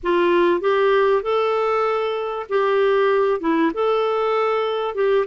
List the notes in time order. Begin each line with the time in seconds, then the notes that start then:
0.03 F4
0.60 G4
1.22 A4
2.49 G4
3.40 E4
3.74 A4
4.95 G4